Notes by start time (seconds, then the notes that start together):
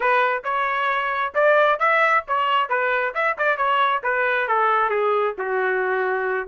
0.00 B4
0.44 C#5
1.34 D5
1.79 E5
2.27 C#5
2.69 B4
3.14 E5
3.38 D5
3.57 C#5
4.03 B4
4.48 A4
4.89 G#4
5.38 F#4